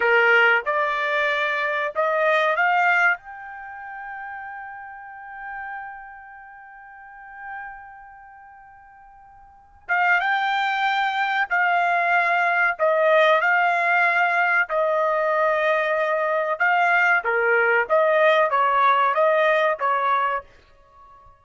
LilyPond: \new Staff \with { instrumentName = "trumpet" } { \time 4/4 \tempo 4 = 94 ais'4 d''2 dis''4 | f''4 g''2.~ | g''1~ | g''2.~ g''8 f''8 |
g''2 f''2 | dis''4 f''2 dis''4~ | dis''2 f''4 ais'4 | dis''4 cis''4 dis''4 cis''4 | }